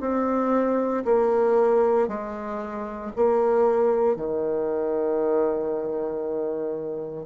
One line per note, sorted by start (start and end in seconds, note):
0.00 1.03 C4
1.04 2.08 A#3
2.08 3.11 G#3
3.16 4.16 A#3
4.16 7.26 D#3